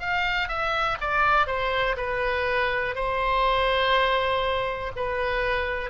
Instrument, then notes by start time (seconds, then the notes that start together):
oboe
0.00 F5
0.49 E5
1.01 D5
1.47 C5
1.98 B4
2.96 C5
4.97 B4